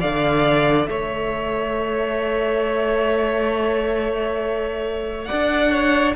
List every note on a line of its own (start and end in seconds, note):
0.00 0.89 D3
0.00 6.16 A4
0.00 0.89 D5
0.00 0.86 F5
0.86 5.30 A3
0.86 5.28 C#5
0.86 5.25 E5
5.25 5.72 D5
5.25 6.14 F#5
5.33 6.16 D4
5.72 6.16 C#5